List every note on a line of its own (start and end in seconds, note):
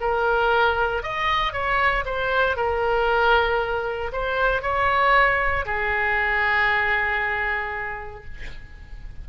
0.00 1.03 A#4
1.03 1.52 D#5
1.52 2.04 C#5
2.05 2.56 C5
2.56 4.11 A#4
4.12 4.62 C5
4.62 5.65 C#5
5.65 8.24 G#4